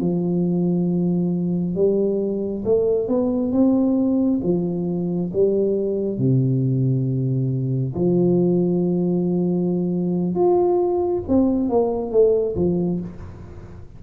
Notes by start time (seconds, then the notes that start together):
0.00 F3
1.75 G3
2.65 A3
3.08 B3
3.52 C4
4.43 F3
5.33 G3
6.18 C3
7.95 F3
10.35 F4
11.28 C4
11.70 A#3
12.11 A3
12.56 F3